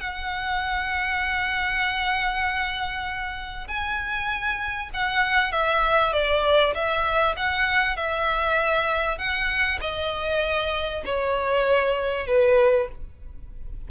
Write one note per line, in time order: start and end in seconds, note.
0.00 3.67 F#5
3.68 4.90 G#5
4.94 5.52 F#5
5.52 6.13 E5
6.13 6.74 D5
6.75 7.36 E5
7.36 7.96 F#5
7.96 9.18 E5
9.18 9.79 F#5
9.81 11.03 D#5
11.05 12.27 C#5
12.27 12.88 B4